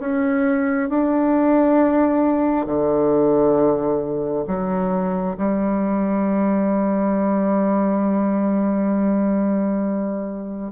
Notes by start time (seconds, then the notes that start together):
0.00 C#4
0.90 D4
2.66 D3
4.48 F#3
5.37 G3